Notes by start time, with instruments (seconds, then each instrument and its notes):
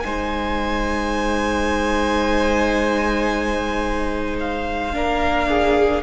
0.00 cello G#3, viola D#4, violin C5 G#5
4.40 violin F5
4.93 cello A#3, viola D4, violin A#4
5.49 violin G#4